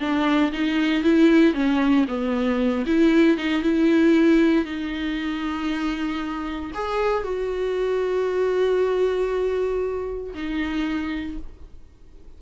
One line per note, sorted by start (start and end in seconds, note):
0.00 0.52 D4
0.52 1.03 D#4
1.03 1.54 E4
1.54 2.06 C#4
2.08 2.85 B3
2.86 3.37 E4
3.37 3.63 D#4
3.63 4.65 E4
4.65 6.72 D#4
6.74 7.24 G#4
7.24 10.34 F#4
10.34 11.38 D#4